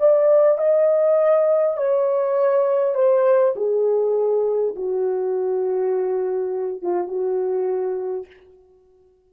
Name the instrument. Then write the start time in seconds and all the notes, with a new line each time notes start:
horn
0.00 D5
0.59 D#5
1.77 C#5
2.95 C5
3.56 G#4
4.76 F#4
6.82 F4
7.09 F#4